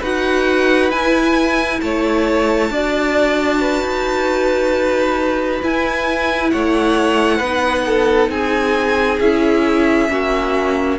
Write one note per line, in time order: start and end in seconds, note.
0.00 0.92 D#4
0.00 0.92 F#4
0.00 1.79 B4
0.00 0.91 F#5
0.91 1.81 E4
0.91 2.71 E4
0.91 1.81 G#5
1.81 2.71 A3
1.81 2.72 C#5
1.81 5.62 A5
2.71 3.82 D4
2.71 5.63 F#4
2.71 3.61 D5
3.61 6.52 B4
3.82 5.62 D#4
5.63 6.53 E4
5.63 7.42 E4
5.63 6.51 G#5
6.51 7.40 A3
6.51 7.37 C#5
6.51 8.30 F#5
7.37 8.30 B3
7.37 7.82 B4
7.44 9.21 D#4
7.87 8.31 A4
8.30 9.19 C4
8.30 10.10 G#4
8.30 9.20 G#5
9.20 10.09 C#4
9.20 10.09 E4
9.20 10.99 E5
10.09 10.99 A#3
10.09 10.99 C#4
10.09 10.99 F#4